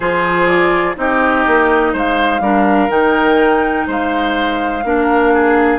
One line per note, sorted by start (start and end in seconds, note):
0.00 0.95 F3
0.00 0.95 F4
0.00 0.96 G#4
0.00 0.46 C5
0.46 0.94 D5
0.95 1.45 C4
0.95 2.41 D#4
0.95 1.92 G4
0.95 1.95 D#5
1.46 1.93 A#3
1.92 2.40 G#3
1.92 2.41 C5
1.92 2.90 F5
2.40 2.88 G3
2.40 2.89 D4
2.40 3.87 A#4
2.89 3.85 D#3
2.89 4.82 D#4
2.89 3.87 G5
3.87 4.83 G#3
3.87 4.83 C5
3.87 5.78 F5
4.83 5.78 A#3
4.83 5.78 D4
4.83 5.33 A#4
5.33 5.78 G#4